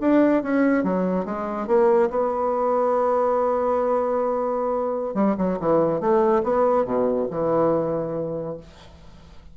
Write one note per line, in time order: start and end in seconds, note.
0.00 0.42 D4
0.42 0.83 C#4
0.83 1.25 F#3
1.25 1.67 G#3
1.67 2.09 A#3
2.10 5.14 B3
5.14 5.35 G3
5.37 5.58 F#3
5.59 6.00 E3
6.00 6.42 A3
6.43 6.85 B3
6.85 7.27 B2
7.30 8.57 E3